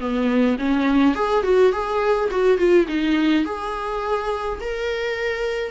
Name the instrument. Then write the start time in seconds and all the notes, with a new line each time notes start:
viola
0.00 B3
0.59 C#4
1.15 G#4
1.44 F#4
1.72 G#4
2.31 F#4
2.58 F4
2.88 D#4
3.45 G#4
4.61 A#4